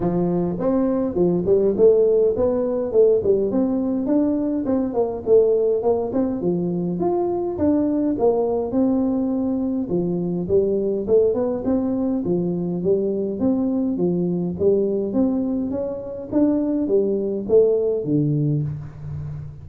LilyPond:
\new Staff \with { instrumentName = "tuba" } { \time 4/4 \tempo 4 = 103 f4 c'4 f8 g8 a4 | b4 a8 g8 c'4 d'4 | c'8 ais8 a4 ais8 c'8 f4 | f'4 d'4 ais4 c'4~ |
c'4 f4 g4 a8 b8 | c'4 f4 g4 c'4 | f4 g4 c'4 cis'4 | d'4 g4 a4 d4 | }